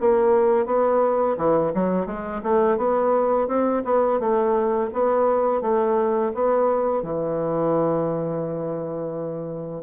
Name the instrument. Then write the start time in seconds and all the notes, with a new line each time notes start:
bassoon
0.00 A#3
0.66 B3
1.37 E3
1.74 F#3
2.06 G#3
2.43 A3
2.77 B3
3.47 C4
3.84 B3
4.19 A3
4.93 B3
5.61 A3
6.34 B3
7.02 E3